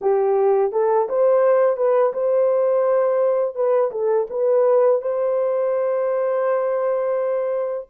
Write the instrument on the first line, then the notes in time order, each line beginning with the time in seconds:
horn
0.01 G4
0.72 A4
1.08 C5
1.77 B4
2.13 C5
3.55 B4
3.91 A4
4.30 B4
5.01 C5